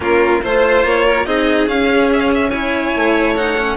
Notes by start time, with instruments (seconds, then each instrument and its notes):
0.00 bassoon A#3, cello C#4, violin F4 A#4
0.42 bassoon A3, cello F4, violin C5
0.84 bassoon A#3, violin C#5
1.05 violin A#4
1.25 bassoon C4, cello D#4, violin G#4 D#5
1.67 cello C#4, bassoon C#4, violin F5
2.12 violin E5
2.20 violin F5
2.34 violin E5
2.49 cello E4, violin C#5 G#5
2.95 bassoon A3
3.36 cello D#4, violin F#5
3.57 cello C#4